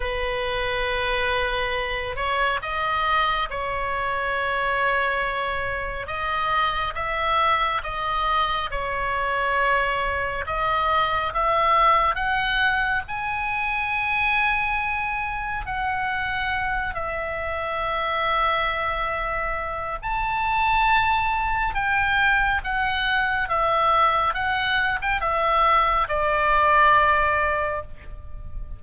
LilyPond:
\new Staff \with { instrumentName = "oboe" } { \time 4/4 \tempo 4 = 69 b'2~ b'8 cis''8 dis''4 | cis''2. dis''4 | e''4 dis''4 cis''2 | dis''4 e''4 fis''4 gis''4~ |
gis''2 fis''4. e''8~ | e''2. a''4~ | a''4 g''4 fis''4 e''4 | fis''8. g''16 e''4 d''2 | }